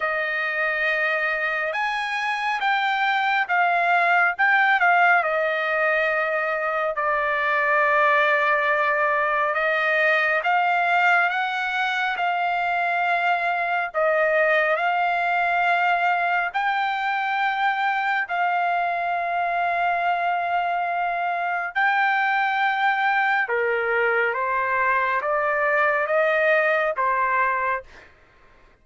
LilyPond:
\new Staff \with { instrumentName = "trumpet" } { \time 4/4 \tempo 4 = 69 dis''2 gis''4 g''4 | f''4 g''8 f''8 dis''2 | d''2. dis''4 | f''4 fis''4 f''2 |
dis''4 f''2 g''4~ | g''4 f''2.~ | f''4 g''2 ais'4 | c''4 d''4 dis''4 c''4 | }